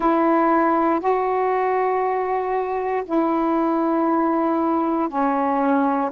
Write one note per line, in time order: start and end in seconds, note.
0.00 1.00 E4
1.00 3.03 F#4
3.05 5.08 E4
5.08 6.10 C#4